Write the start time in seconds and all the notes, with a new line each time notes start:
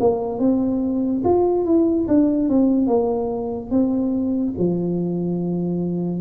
0.00 A#3
0.39 C4
1.24 F4
1.65 E4
2.08 D4
2.49 C4
2.87 A#3
3.70 C4
4.58 F3